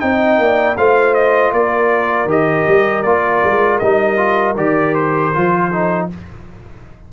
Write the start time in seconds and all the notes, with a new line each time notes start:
0.00 C4 D#4 D#5 G5
0.38 A#3 D5
0.77 A3 F4 C5 F5
1.14 D#5
1.52 A#3 A#4 D5
2.25 D#3 G4 D#5
2.68 G3
3.02 A#3 F4 D5
3.44 G#3
3.79 G3 D#4 D#5
4.17 F4
4.56 D#3 G4 D5
4.94 C5
5.34 F3 F4
5.69 D#4 A4